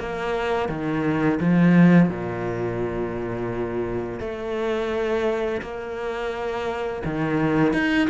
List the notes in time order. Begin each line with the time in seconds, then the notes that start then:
0.00 A#3
0.69 D#3
1.41 F3
2.10 A#2
4.21 A3
5.62 A#3
7.05 D#3
7.74 D#4